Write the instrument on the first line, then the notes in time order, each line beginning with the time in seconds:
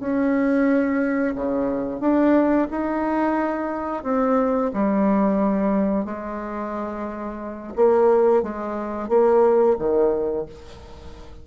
bassoon
0.00 C#4
1.35 C#3
2.00 D4
2.71 D#4
4.04 C4
4.74 G3
6.05 G#3
7.76 A#3
8.43 G#3
9.09 A#3
9.79 D#3